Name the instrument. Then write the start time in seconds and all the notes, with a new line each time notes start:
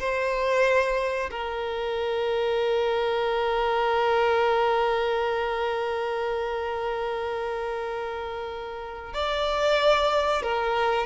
violin
0.00 C5
1.31 A#4
9.14 D5
10.43 A#4